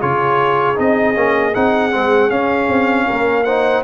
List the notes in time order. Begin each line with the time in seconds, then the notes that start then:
0.00 C#3 F4 G#4 C#5
0.75 C4 D#4 D#5
1.15 A#3 C#4
1.54 C4 D#4 F#5
1.91 G#3 C4
2.30 C#4 F5
2.68 C4
3.06 A#3 A#4
3.43 D#4 C5 F#5